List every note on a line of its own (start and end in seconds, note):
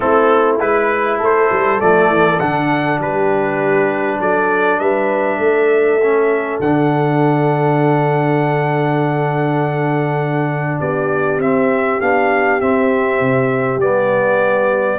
0.00 0.60 A3
0.00 0.59 C4
0.00 1.18 E4
0.00 0.56 A4
0.59 1.19 G#3
0.59 1.79 E4
0.59 1.19 B4
1.18 1.49 A3
1.18 2.98 A4
1.18 1.80 C5
1.51 1.81 G3
1.79 2.09 F3
1.79 2.39 A3
1.79 2.39 D5
2.09 2.39 E3
2.39 2.99 D3
2.39 6.00 D4
2.39 2.99 F#5
2.98 4.19 G3
2.98 4.18 G4
2.98 4.21 B4
4.19 4.79 F#3
4.19 4.79 A4
4.19 4.79 D5
4.79 5.38 G3
4.79 5.38 B4
4.79 6.59 E5
5.38 6.58 A3
5.38 10.78 A4
6.02 6.62 C#4
6.60 10.80 D3
6.60 11.41 D4
6.60 10.80 F#5
10.79 11.38 B3
10.79 14.98 G4
10.79 11.40 D5
11.38 11.98 C4
11.38 12.00 C4
11.38 12.00 E5
12.00 12.61 B3
12.00 12.60 D4
12.00 12.60 F5
12.60 13.80 C4
12.60 13.20 C4
12.60 13.80 E5
13.20 13.77 C3
13.77 14.97 G3
13.77 14.99 B3
13.77 14.99 D5